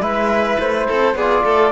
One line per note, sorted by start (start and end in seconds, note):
0.00 0.57 G#3
0.00 1.15 E4
0.00 0.87 B4
0.00 0.59 E5
0.59 0.87 A3
0.59 1.17 C5
0.87 1.14 C4
0.87 1.15 A4
1.14 1.43 B3
1.14 1.44 G#4
1.14 1.72 D5
1.20 1.72 F4
1.44 1.72 A3
1.44 1.72 A4